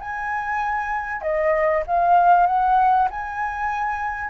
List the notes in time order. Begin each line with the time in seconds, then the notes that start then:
0.00 G#5
1.22 D#5
1.87 F5
2.47 F#5
3.11 G#5